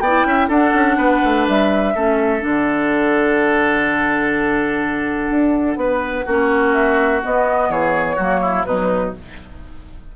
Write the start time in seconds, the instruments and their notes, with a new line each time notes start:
0.00 bassoon B3, oboe D5, flute G5
0.06 clarinet E4
0.25 bassoon C#4, oboe E5
0.48 bassoon D4, clarinet D4, oboe A4, flute F#5
0.74 bassoon C#4
0.97 bassoon B3, oboe B4
1.24 bassoon A3
1.48 bassoon G3, flute E5
1.95 bassoon A3, clarinet C#4, oboe A4
2.40 bassoon D3, clarinet D4, flute F#5
5.30 bassoon D4
5.76 bassoon B3, oboe B4
6.25 bassoon A#3, clarinet C#4, oboe F#4
6.73 flute E5
7.22 clarinet B3, bassoon B3, flute D#5
7.69 bassoon E3, oboe G#4, flute C#5
8.16 bassoon F#3, clarinet A#3, oboe F#4
8.42 oboe E4
8.64 bassoon B2, clarinet F#3, oboe D#4, flute B4